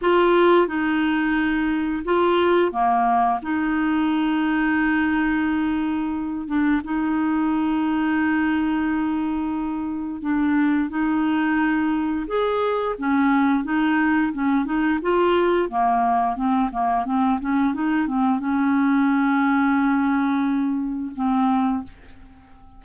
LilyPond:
\new Staff \with { instrumentName = "clarinet" } { \time 4/4 \tempo 4 = 88 f'4 dis'2 f'4 | ais4 dis'2.~ | dis'4. d'8 dis'2~ | dis'2. d'4 |
dis'2 gis'4 cis'4 | dis'4 cis'8 dis'8 f'4 ais4 | c'8 ais8 c'8 cis'8 dis'8 c'8 cis'4~ | cis'2. c'4 | }